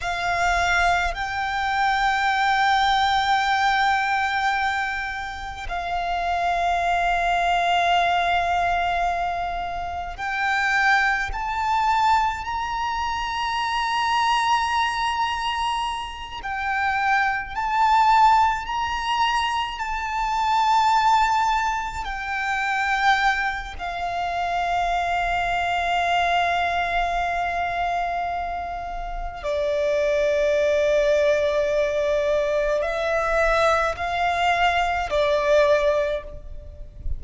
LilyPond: \new Staff \with { instrumentName = "violin" } { \time 4/4 \tempo 4 = 53 f''4 g''2.~ | g''4 f''2.~ | f''4 g''4 a''4 ais''4~ | ais''2~ ais''8 g''4 a''8~ |
a''8 ais''4 a''2 g''8~ | g''4 f''2.~ | f''2 d''2~ | d''4 e''4 f''4 d''4 | }